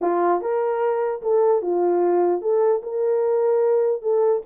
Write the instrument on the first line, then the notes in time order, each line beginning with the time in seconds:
horn
0.01 F4
0.41 A#4
1.22 A4
1.61 F4
2.41 A4
2.83 A#4
4.02 A4